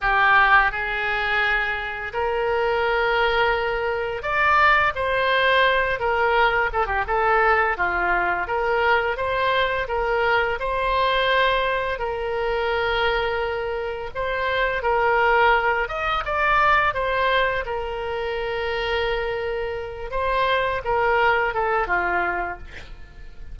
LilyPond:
\new Staff \with { instrumentName = "oboe" } { \time 4/4 \tempo 4 = 85 g'4 gis'2 ais'4~ | ais'2 d''4 c''4~ | c''8 ais'4 a'16 g'16 a'4 f'4 | ais'4 c''4 ais'4 c''4~ |
c''4 ais'2. | c''4 ais'4. dis''8 d''4 | c''4 ais'2.~ | ais'8 c''4 ais'4 a'8 f'4 | }